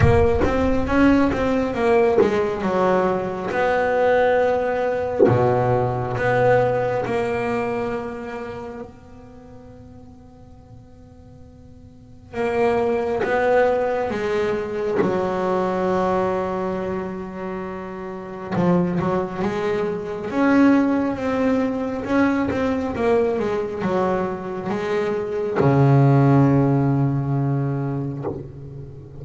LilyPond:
\new Staff \with { instrumentName = "double bass" } { \time 4/4 \tempo 4 = 68 ais8 c'8 cis'8 c'8 ais8 gis8 fis4 | b2 b,4 b4 | ais2 b2~ | b2 ais4 b4 |
gis4 fis2.~ | fis4 f8 fis8 gis4 cis'4 | c'4 cis'8 c'8 ais8 gis8 fis4 | gis4 cis2. | }